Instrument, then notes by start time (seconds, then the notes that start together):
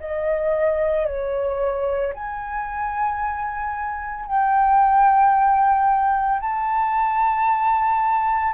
flute
0.00 D#5
1.06 C#5
2.14 G#5
4.27 G5
6.41 A5